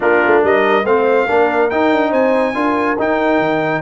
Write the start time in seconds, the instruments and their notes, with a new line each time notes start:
0.00 tuba A#3, trombone D4, horn F4, trumpet A#4
0.26 tuba A3
0.42 tuba G3, horn A#4, trumpet D#5
0.82 tuba A3, trombone C4, horn C5, trumpet F5
1.25 tuba A#3, trombone D4, horn A#4
1.70 trombone D#4, tuba D#4, trumpet G5
1.92 tuba D4
2.10 tuba C4, horn C5, trumpet G#5
2.54 tuba D4, trombone F4, horn A#4
2.98 tuba D#4, trombone D#4, trumpet G5
3.38 tuba D#3